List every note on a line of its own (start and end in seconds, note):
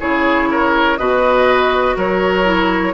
0.00 0.98 C#3
0.00 0.98 E4
0.00 0.50 G#4
0.00 0.98 C#5
0.51 0.99 A#4
0.98 1.97 B2
0.98 2.45 F#4
0.98 1.96 B4
0.98 1.96 D#5
1.96 2.94 F#3
1.96 2.94 A#4
1.96 2.94 C#5
2.45 2.94 E4